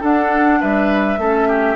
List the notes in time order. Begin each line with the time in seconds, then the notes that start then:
0.00 D4 A4 F#5
0.60 G3 B4 E5
1.17 A3 C#4 A4
1.48 G4